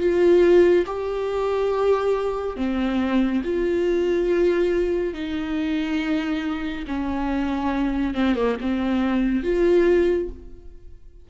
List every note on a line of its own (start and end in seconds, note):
0.00 0.86 F4
0.86 2.57 G4
2.57 3.42 C4
3.44 5.14 F4
5.14 6.86 D#4
6.88 8.15 C#4
8.15 8.36 C4
8.36 8.58 A#3
8.61 9.44 C4
9.44 10.29 F4